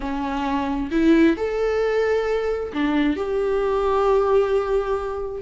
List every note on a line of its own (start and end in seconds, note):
0.00 0.90 C#4
0.91 1.36 E4
1.37 2.72 A4
2.73 3.16 D4
3.16 5.41 G4